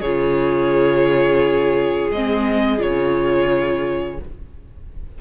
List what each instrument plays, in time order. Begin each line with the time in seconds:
0.00 cello C#3, viola F4, violin G#4 C#5
2.11 cello G#3, viola C4, violin D#5
2.79 cello C#3, viola F4, violin C#5